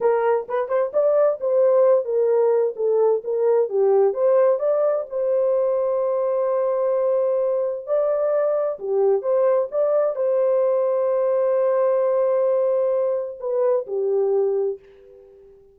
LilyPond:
\new Staff \with { instrumentName = "horn" } { \time 4/4 \tempo 4 = 130 ais'4 b'8 c''8 d''4 c''4~ | c''8 ais'4. a'4 ais'4 | g'4 c''4 d''4 c''4~ | c''1~ |
c''4 d''2 g'4 | c''4 d''4 c''2~ | c''1~ | c''4 b'4 g'2 | }